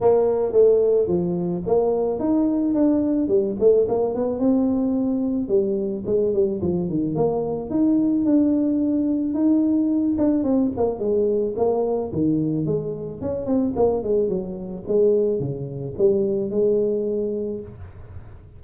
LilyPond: \new Staff \with { instrumentName = "tuba" } { \time 4/4 \tempo 4 = 109 ais4 a4 f4 ais4 | dis'4 d'4 g8 a8 ais8 b8 | c'2 g4 gis8 g8 | f8 dis8 ais4 dis'4 d'4~ |
d'4 dis'4. d'8 c'8 ais8 | gis4 ais4 dis4 gis4 | cis'8 c'8 ais8 gis8 fis4 gis4 | cis4 g4 gis2 | }